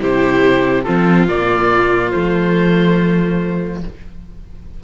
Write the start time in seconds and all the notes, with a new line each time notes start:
0.00 C3 E4 G4 C5
0.84 F3 C4 F4 A4
1.28 A#2 A#3 D5
2.11 F3 A3 C5